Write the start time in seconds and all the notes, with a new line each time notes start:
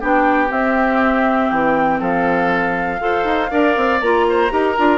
0.00 B3 D4 G4 G5
0.48 C4 E5
1.51 E3 G5
2.00 F3 A4 F5
2.99 F4 A4 C5
3.24 D#4
3.50 D4 A#4 D5
3.76 C4
4.01 A#3 F4 A#5
4.29 C5
4.50 D#4 G4 A#4
4.77 D4 F4